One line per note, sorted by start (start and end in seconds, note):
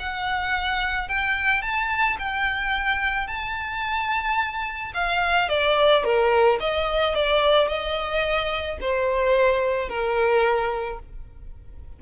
0.00 1.09 F#5
1.09 1.62 G5
1.62 2.17 A5
2.19 3.28 G5
3.28 4.93 A5
4.94 5.49 F5
5.49 6.04 D5
6.04 6.59 A#4
6.60 7.15 D#5
7.15 7.68 D5
7.68 8.78 D#5
8.81 9.89 C5
9.89 10.99 A#4